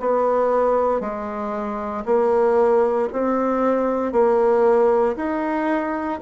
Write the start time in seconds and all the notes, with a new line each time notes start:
0.00 B3
1.01 G#3
2.05 A#3
3.13 C4
4.12 A#3
5.16 D#4